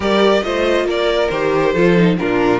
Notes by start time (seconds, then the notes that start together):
0.00 G3 G4 A#4 D5
0.42 A3 F4 C5 D#5
0.85 A#3 A#4 D5
1.28 D#3 G4 C5
1.72 F3 F4 A4
1.96 D#4
2.18 A#2 D4 F4 A#4